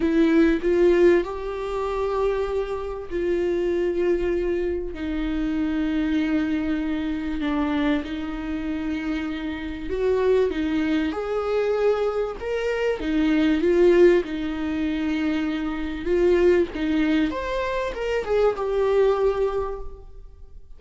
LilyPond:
\new Staff \with { instrumentName = "viola" } { \time 4/4 \tempo 4 = 97 e'4 f'4 g'2~ | g'4 f'2. | dis'1 | d'4 dis'2. |
fis'4 dis'4 gis'2 | ais'4 dis'4 f'4 dis'4~ | dis'2 f'4 dis'4 | c''4 ais'8 gis'8 g'2 | }